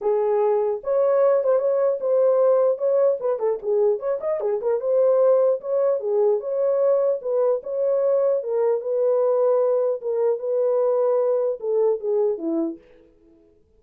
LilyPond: \new Staff \with { instrumentName = "horn" } { \time 4/4 \tempo 4 = 150 gis'2 cis''4. c''8 | cis''4 c''2 cis''4 | b'8 a'8 gis'4 cis''8 dis''8 gis'8 ais'8 | c''2 cis''4 gis'4 |
cis''2 b'4 cis''4~ | cis''4 ais'4 b'2~ | b'4 ais'4 b'2~ | b'4 a'4 gis'4 e'4 | }